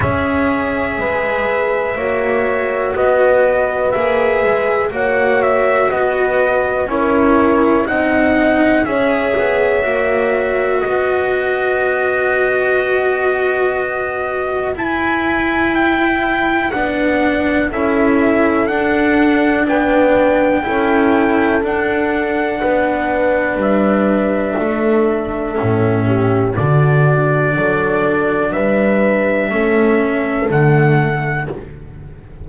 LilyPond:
<<
  \new Staff \with { instrumentName = "trumpet" } { \time 4/4 \tempo 4 = 61 e''2. dis''4 | e''4 fis''8 e''8 dis''4 cis''4 | fis''4 e''2 dis''4~ | dis''2. gis''4 |
g''4 fis''4 e''4 fis''4 | g''2 fis''2 | e''2. d''4~ | d''4 e''2 fis''4 | }
  \new Staff \with { instrumentName = "horn" } { \time 4/4 cis''4 b'4 cis''4 b'4~ | b'4 cis''4 b'4 ais'4 | dis''4 cis''2 b'4~ | b'1~ |
b'2 a'2 | b'4 a'2 b'4~ | b'4 a'4. g'8 fis'4 | a'4 b'4 a'2 | }
  \new Staff \with { instrumentName = "cello" } { \time 4/4 gis'2 fis'2 | gis'4 fis'2 e'4 | dis'4 gis'4 fis'2~ | fis'2. e'4~ |
e'4 d'4 e'4 d'4~ | d'4 e'4 d'2~ | d'2 cis'4 d'4~ | d'2 cis'4 a4 | }
  \new Staff \with { instrumentName = "double bass" } { \time 4/4 cis'4 gis4 ais4 b4 | ais8 gis8 ais4 b4 cis'4 | c'4 cis'8 b8 ais4 b4~ | b2. e'4~ |
e'4 b4 cis'4 d'4 | b4 cis'4 d'4 b4 | g4 a4 a,4 d4 | fis4 g4 a4 d4 | }
>>